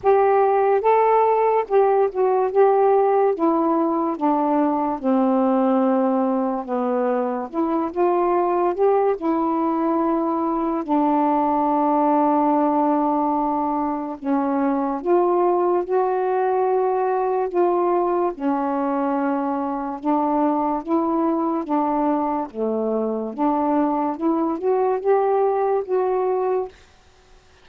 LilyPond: \new Staff \with { instrumentName = "saxophone" } { \time 4/4 \tempo 4 = 72 g'4 a'4 g'8 fis'8 g'4 | e'4 d'4 c'2 | b4 e'8 f'4 g'8 e'4~ | e'4 d'2.~ |
d'4 cis'4 f'4 fis'4~ | fis'4 f'4 cis'2 | d'4 e'4 d'4 a4 | d'4 e'8 fis'8 g'4 fis'4 | }